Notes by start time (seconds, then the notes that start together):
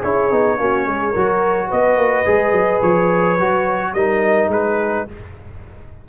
0.00 C#4 E4 G#4 C#5
0.31 B3 D#4
0.58 A#3 C#4 F#4
0.86 G#3 G#4
1.10 F#3 F#4 A#4
1.67 B3 B4 D#5
1.97 A#3
2.25 G#3 G#4
2.52 F#3
2.81 F3 C#5
3.38 F#3 F#4
3.93 G3 D#4 A#4 D#5
4.48 G#3 G#4 B4